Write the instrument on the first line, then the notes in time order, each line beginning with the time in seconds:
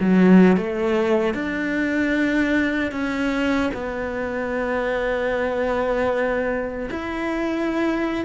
cello
0.00 F#3
0.57 A3
1.34 D4
2.91 C#4
3.73 B3
6.90 E4